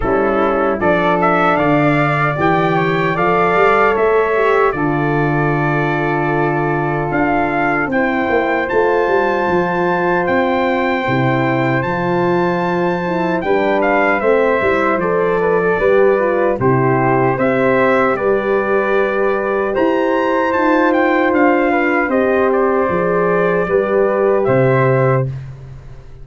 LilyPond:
<<
  \new Staff \with { instrumentName = "trumpet" } { \time 4/4 \tempo 4 = 76 a'4 d''8 e''8 f''4 g''4 | f''4 e''4 d''2~ | d''4 f''4 g''4 a''4~ | a''4 g''2 a''4~ |
a''4 g''8 f''8 e''4 d''4~ | d''4 c''4 e''4 d''4~ | d''4 ais''4 a''8 g''8 f''4 | dis''8 d''2~ d''8 e''4 | }
  \new Staff \with { instrumentName = "flute" } { \time 4/4 e'4 a'4 d''4. cis''8 | d''4 cis''4 a'2~ | a'2 c''2~ | c''1~ |
c''4 b'4 c''4. b'16 a'16 | b'4 g'4 c''4 b'4~ | b'4 c''2~ c''8 b'8 | c''2 b'4 c''4 | }
  \new Staff \with { instrumentName = "horn" } { \time 4/4 cis'4 d'2 g'4 | a'4. g'8 f'2~ | f'2 e'4 f'4~ | f'2 e'4 f'4~ |
f'8 e'8 d'4 c'8 e'8 a'4 | g'8 f'8 e'4 g'2~ | g'2 f'2 | g'4 gis'4 g'2 | }
  \new Staff \with { instrumentName = "tuba" } { \time 4/4 g4 f4 d4 e4 | f8 g8 a4 d2~ | d4 d'4 c'8 ais8 a8 g8 | f4 c'4 c4 f4~ |
f4 g4 a8 g8 f4 | g4 c4 c'4 g4~ | g4 e'4 dis'4 d'4 | c'4 f4 g4 c4 | }
>>